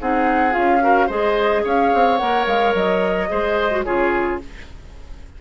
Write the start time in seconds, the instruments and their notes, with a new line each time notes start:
0.00 bassoon C4, clarinet D#4, oboe G#4, flute F#5
0.51 bassoon C#4, clarinet F4, flute F5
0.81 clarinet F#4, oboe A#4
1.06 bassoon G#3, clarinet G#4, oboe C5, flute D#5
1.64 bassoon C#4, oboe C#5, flute F5
1.94 bassoon C4
2.17 bassoon A#3, clarinet A#4, flute F#5
2.46 bassoon G#3, flute F5
2.74 bassoon F#3, flute D#5
3.28 bassoon G#3, clarinet G#4, oboe C5
3.70 clarinet F#4
3.83 bassoon C#3, clarinet F4, oboe G#4, flute C#5